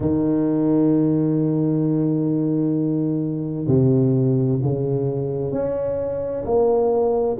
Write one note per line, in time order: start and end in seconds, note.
0.00 3.66 D#3
3.66 4.59 C3
4.62 5.51 C#3
5.51 6.44 C#4
6.44 7.36 A#3